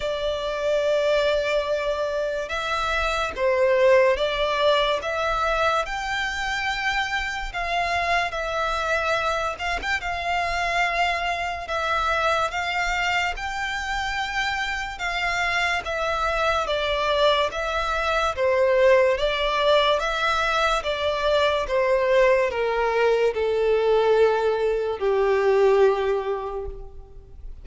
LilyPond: \new Staff \with { instrumentName = "violin" } { \time 4/4 \tempo 4 = 72 d''2. e''4 | c''4 d''4 e''4 g''4~ | g''4 f''4 e''4. f''16 g''16 | f''2 e''4 f''4 |
g''2 f''4 e''4 | d''4 e''4 c''4 d''4 | e''4 d''4 c''4 ais'4 | a'2 g'2 | }